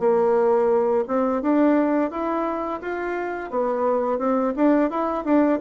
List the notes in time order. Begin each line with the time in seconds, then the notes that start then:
0.00 A#3
1.08 C4
1.42 D4
2.11 E4
2.82 F4
3.51 B3
4.19 C4
4.56 D4
4.91 E4
5.25 D4